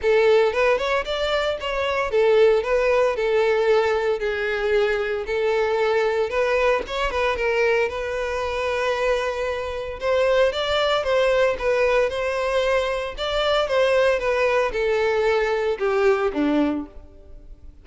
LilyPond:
\new Staff \with { instrumentName = "violin" } { \time 4/4 \tempo 4 = 114 a'4 b'8 cis''8 d''4 cis''4 | a'4 b'4 a'2 | gis'2 a'2 | b'4 cis''8 b'8 ais'4 b'4~ |
b'2. c''4 | d''4 c''4 b'4 c''4~ | c''4 d''4 c''4 b'4 | a'2 g'4 d'4 | }